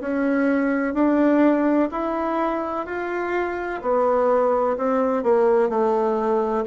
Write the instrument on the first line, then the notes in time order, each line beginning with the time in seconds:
bassoon
0.00 C#4
0.94 D4
1.91 E4
2.86 F4
3.81 B3
4.77 C4
5.23 A#3
5.69 A3